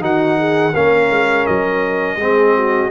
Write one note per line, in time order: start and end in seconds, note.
0.00 0.72 D#3
0.00 0.72 D#4
0.00 0.37 F#4
0.00 0.75 F#5
0.38 0.73 G#4
0.73 1.10 A#3
0.73 2.20 C#4
0.73 2.18 A#4
0.73 1.46 F5
1.10 1.46 G#3
1.46 2.16 F#3
1.46 2.90 D#5
2.16 2.88 G#3
2.16 2.90 C4
2.16 2.56 G#4
2.56 2.90 F#4